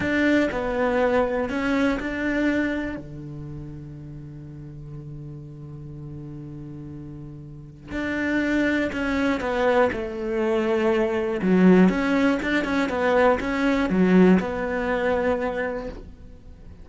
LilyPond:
\new Staff \with { instrumentName = "cello" } { \time 4/4 \tempo 4 = 121 d'4 b2 cis'4 | d'2 d2~ | d1~ | d1 |
d'2 cis'4 b4 | a2. fis4 | cis'4 d'8 cis'8 b4 cis'4 | fis4 b2. | }